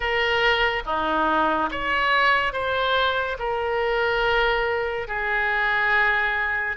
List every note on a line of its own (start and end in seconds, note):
0.00 0.83 A#4
0.85 1.69 D#4
1.71 2.52 C#5
2.52 3.37 C5
3.38 5.07 A#4
5.07 6.76 G#4